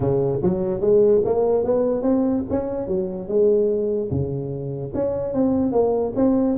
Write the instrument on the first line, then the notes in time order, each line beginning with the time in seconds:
tuba
0.00 C#3
0.42 F#3
0.80 G#3
1.24 A#3
1.64 B3
2.02 C4
2.50 C#4
2.87 F#3
3.28 G#3
4.10 C#3
4.94 C#4
5.33 C4
5.72 A#3
6.15 C4